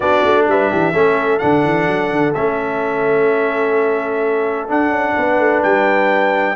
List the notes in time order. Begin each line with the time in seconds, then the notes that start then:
0.00 B3 D4 F#4 D5
0.24 A3
0.47 G3 B4 E5
0.71 E3 G4
0.92 A3 C#4 A4
1.39 D3 D4 F#5
1.64 E3
1.87 F#3
2.11 D3
2.34 A3 C#4 E5
4.68 D4 F#5
4.89 C#4
5.16 B3 B4
5.39 A3
5.62 G3 G5